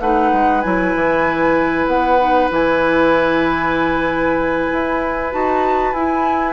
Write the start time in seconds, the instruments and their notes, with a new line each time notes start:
0.00 bassoon A3, clarinet D#4, oboe B4, flute F#5
0.33 bassoon G#3
0.61 bassoon F#3, clarinet E4, flute G#5
0.95 bassoon E3
1.87 bassoon B3, flute F#5
2.19 clarinet D#4
2.50 bassoon E3, clarinet E4, flute G#5
4.73 bassoon E4
5.31 bassoon D#4, clarinet F#4, flute A5
5.93 bassoon E4, clarinet E4, flute G#5